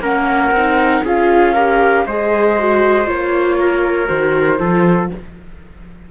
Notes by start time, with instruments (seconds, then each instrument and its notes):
0.00 cello A#3, viola C#4, trumpet A#4, flute F#5
0.51 cello C4, viola D#4
1.04 cello C#4, viola F4, trumpet G#4, flute F5
1.53 viola G4, trumpet A#4
2.06 cello G#3, viola G#4, trumpet C5, flute D#5
2.60 viola F#4
3.06 cello A#3, viola F4, flute C#5
3.60 trumpet A#4
4.07 cello D#3, viola F#4, flute C5
4.59 cello F3, viola F4, trumpet A4